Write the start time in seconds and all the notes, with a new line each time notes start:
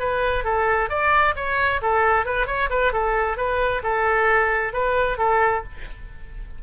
0.00 B4
0.45 A4
0.90 D5
1.36 C#5
1.83 A4
2.26 B4
2.47 C#5
2.70 B4
2.93 A4
3.38 B4
3.83 A4
4.73 B4
5.18 A4